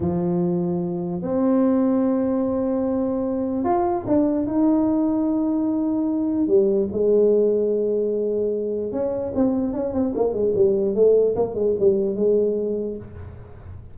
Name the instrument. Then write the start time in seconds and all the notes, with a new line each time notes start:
tuba
0.00 F3
1.22 C4
3.64 F4
4.06 D4
4.46 D#4
6.47 G3
6.91 G#3
8.92 C#4
9.34 C4
9.73 C#4
9.93 C4
10.15 A#3
10.33 G#3
10.54 G3
10.94 A3
11.35 A#3
11.54 G#3
11.79 G3
12.15 G#3